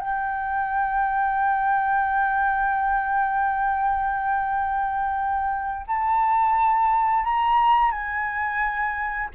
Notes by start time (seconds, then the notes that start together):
0.00 G5
5.87 A5
7.24 A#5
7.91 G#5